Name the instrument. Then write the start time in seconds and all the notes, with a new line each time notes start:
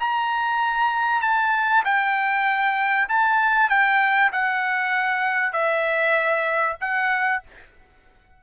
trumpet
0.00 A#5
1.21 A5
1.85 G5
3.09 A5
3.69 G5
4.32 F#5
5.53 E5
6.81 F#5